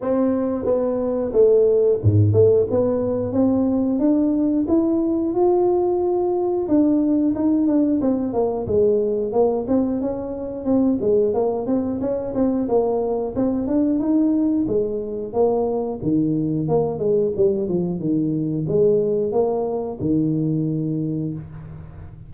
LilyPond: \new Staff \with { instrumentName = "tuba" } { \time 4/4 \tempo 4 = 90 c'4 b4 a4 gis,8 a8 | b4 c'4 d'4 e'4 | f'2 d'4 dis'8 d'8 | c'8 ais8 gis4 ais8 c'8 cis'4 |
c'8 gis8 ais8 c'8 cis'8 c'8 ais4 | c'8 d'8 dis'4 gis4 ais4 | dis4 ais8 gis8 g8 f8 dis4 | gis4 ais4 dis2 | }